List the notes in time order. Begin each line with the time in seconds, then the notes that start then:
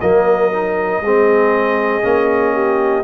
0.00 F#3 A#3 A#4 D#5
0.52 D#4
1.01 G#3 C4 G#4
2.01 A#3 C#4
2.54 G4